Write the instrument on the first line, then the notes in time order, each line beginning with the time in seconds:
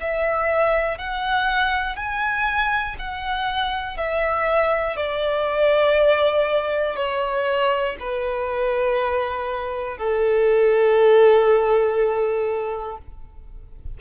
violin
0.00 E5
0.98 F#5
1.96 G#5
2.98 F#5
3.97 E5
4.96 D5
6.96 C#5
7.99 B4
9.97 A4